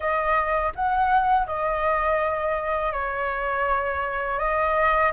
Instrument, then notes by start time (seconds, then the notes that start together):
flute
0.00 D#5
0.75 F#5
1.46 D#5
2.92 C#5
4.39 D#5